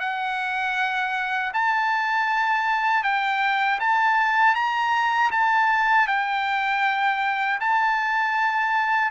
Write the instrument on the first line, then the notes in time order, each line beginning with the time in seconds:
trumpet
0.00 F#5
1.54 A5
3.03 G5
3.80 A5
4.55 A#5
5.32 A5
6.08 G5
7.61 A5